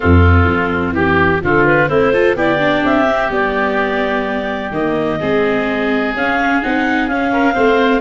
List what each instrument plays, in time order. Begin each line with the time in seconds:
0.00 tuba F2, viola C4, oboe F4, clarinet A4
0.44 tuba F3
0.91 tuba E3, oboe G4, clarinet G4
1.41 tuba D3, viola F3, oboe F4, clarinet A4
1.65 clarinet B4
1.88 tuba A3, viola C4, oboe E4, clarinet C5
2.13 viola F4, oboe A4
2.35 tuba B3, viola E4, oboe G4, clarinet D5
2.58 viola D4
2.84 tuba C4, clarinet E5
3.08 viola C4
3.29 tuba G3, viola B3, clarinet D5
4.71 tuba D#3, viola A#3, clarinet D#5
5.19 tuba G#3, viola C4, oboe G#4
6.14 tuba C#4, viola C#4, clarinet F5
6.62 tuba C4, viola D#4, clarinet F#5
7.08 tuba C#4, viola C#4, clarinet F5
7.32 oboe A#4
7.52 tuba A3, viola C4, oboe C5